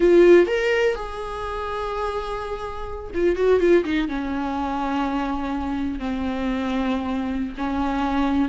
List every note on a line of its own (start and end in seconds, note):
0.00 0.46 F4
0.47 0.95 A#4
0.95 3.11 G#4
3.14 3.36 F4
3.36 3.60 F#4
3.60 3.84 F4
3.84 4.08 D#4
4.08 5.99 C#4
5.99 7.55 C4
7.57 8.49 C#4